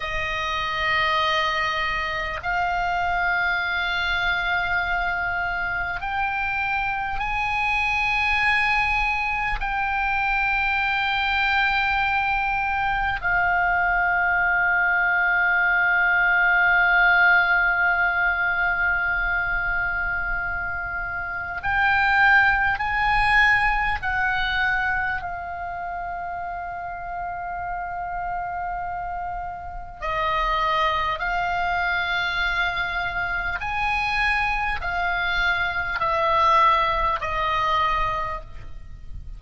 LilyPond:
\new Staff \with { instrumentName = "oboe" } { \time 4/4 \tempo 4 = 50 dis''2 f''2~ | f''4 g''4 gis''2 | g''2. f''4~ | f''1~ |
f''2 g''4 gis''4 | fis''4 f''2.~ | f''4 dis''4 f''2 | gis''4 f''4 e''4 dis''4 | }